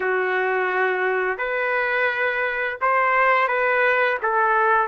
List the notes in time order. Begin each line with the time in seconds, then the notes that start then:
0.00 F#4
1.38 B4
2.81 C5
3.48 B4
4.22 A4